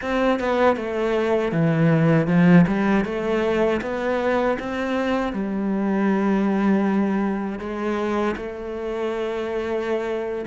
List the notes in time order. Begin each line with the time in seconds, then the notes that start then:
0.01 C4
0.39 B3
0.76 A3
1.52 E3
2.27 F3
2.67 G3
3.04 A3
3.81 B3
4.59 C4
5.33 G3
7.59 G#3
8.36 A3